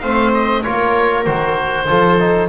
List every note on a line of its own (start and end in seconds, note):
0.00 0.65 A3
0.00 0.64 C4
0.00 0.62 C5
0.00 0.31 F5
0.34 0.63 D#5
0.62 1.27 A#3
0.62 1.25 F4
0.62 1.86 A#4
0.62 1.25 C#5
1.25 1.89 D#3
1.25 1.87 F#4
1.25 2.49 C5
1.87 2.49 F3
1.87 2.18 F4
1.87 2.49 A4
2.20 2.49 D#4